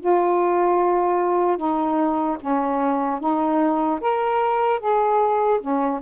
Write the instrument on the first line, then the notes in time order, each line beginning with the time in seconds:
saxophone
0.00 F4
1.57 D#4
2.40 C#4
3.20 D#4
4.00 A#4
4.79 G#4
5.60 C#4